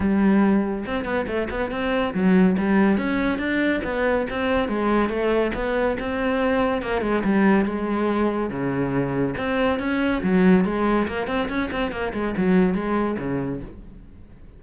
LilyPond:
\new Staff \with { instrumentName = "cello" } { \time 4/4 \tempo 4 = 141 g2 c'8 b8 a8 b8 | c'4 fis4 g4 cis'4 | d'4 b4 c'4 gis4 | a4 b4 c'2 |
ais8 gis8 g4 gis2 | cis2 c'4 cis'4 | fis4 gis4 ais8 c'8 cis'8 c'8 | ais8 gis8 fis4 gis4 cis4 | }